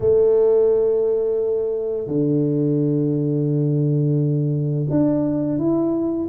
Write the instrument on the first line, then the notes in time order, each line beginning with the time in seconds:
tuba
0.00 A3
2.07 D3
4.90 D4
5.58 E4